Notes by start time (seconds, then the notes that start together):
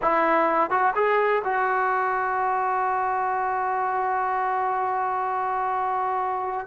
0.02 E4
0.70 F#4
0.95 G#4
1.44 F#4